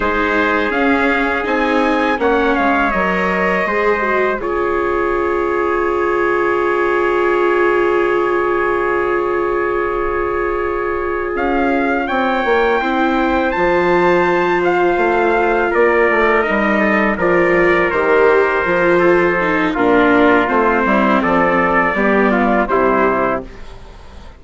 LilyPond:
<<
  \new Staff \with { instrumentName = "trumpet" } { \time 4/4 \tempo 4 = 82 c''4 f''4 gis''4 fis''8 f''8 | dis''2 cis''2~ | cis''1~ | cis''2.~ cis''8 f''8~ |
f''8 g''2 a''4. | f''4. d''4 dis''4 d''8~ | d''8 c''2~ c''8 ais'4 | c''4 d''2 c''4 | }
  \new Staff \with { instrumentName = "trumpet" } { \time 4/4 gis'2. cis''4~ | cis''4 c''4 gis'2~ | gis'1~ | gis'1~ |
gis'8 cis''4 c''2~ c''8~ | c''4. ais'4. a'8 ais'8~ | ais'2 a'4 f'4~ | f'8 e'8 a'4 g'8 f'8 e'4 | }
  \new Staff \with { instrumentName = "viola" } { \time 4/4 dis'4 cis'4 dis'4 cis'4 | ais'4 gis'8 fis'8 f'2~ | f'1~ | f'1~ |
f'4. e'4 f'4.~ | f'2~ f'8 dis'4 f'8~ | f'8 g'4 f'4 dis'8 d'4 | c'2 b4 g4 | }
  \new Staff \with { instrumentName = "bassoon" } { \time 4/4 gis4 cis'4 c'4 ais8 gis8 | fis4 gis4 cis2~ | cis1~ | cis2.~ cis8 cis'8~ |
cis'8 c'8 ais8 c'4 f4.~ | f8 a4 ais8 a8 g4 f8~ | f8 dis4 f4. ais,4 | a8 g8 f4 g4 c4 | }
>>